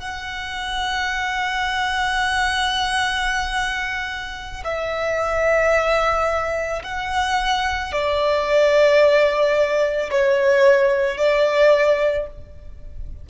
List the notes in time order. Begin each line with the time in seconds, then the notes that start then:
0.00 F#5
4.64 E5
6.83 F#5
7.92 D5
10.11 C#5
11.17 D5